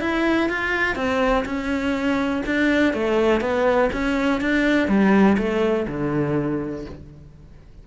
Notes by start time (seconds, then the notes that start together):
0.00 E4
0.49 F4
0.95 C4
1.45 C#4
2.46 D4
2.93 A3
3.41 B3
3.93 C#4
4.41 D4
4.88 G3
5.37 A3
5.87 D3